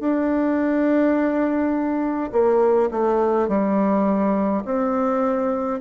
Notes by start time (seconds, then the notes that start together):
0.00 D4
2.32 A#3
2.91 A3
3.48 G3
4.65 C4